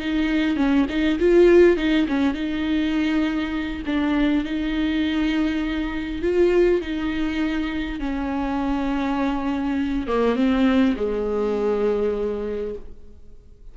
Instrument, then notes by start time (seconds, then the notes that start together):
viola
0.00 D#4
0.57 C#4
0.90 D#4
1.20 F4
1.77 D#4
2.08 C#4
2.34 D#4
3.86 D4
4.45 D#4
6.22 F4
6.82 D#4
8.00 C#4
10.08 A#3
10.36 C4
10.97 G#3